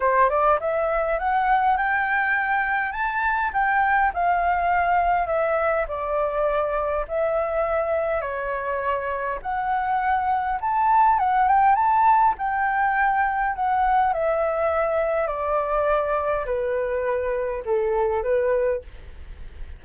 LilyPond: \new Staff \with { instrumentName = "flute" } { \time 4/4 \tempo 4 = 102 c''8 d''8 e''4 fis''4 g''4~ | g''4 a''4 g''4 f''4~ | f''4 e''4 d''2 | e''2 cis''2 |
fis''2 a''4 fis''8 g''8 | a''4 g''2 fis''4 | e''2 d''2 | b'2 a'4 b'4 | }